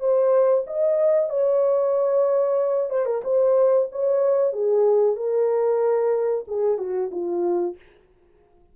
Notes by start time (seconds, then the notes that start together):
0.00 C5
0.67 D#5
1.30 C#5
2.90 C5
3.06 A#4
3.24 C5
3.92 C#5
4.53 G#4
5.16 A#4
6.48 G#4
6.78 F#4
7.11 F4